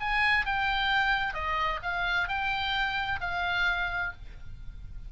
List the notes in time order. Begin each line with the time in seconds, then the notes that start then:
0.00 G#5
0.46 G5
1.34 D#5
1.82 F5
2.28 G5
3.20 F5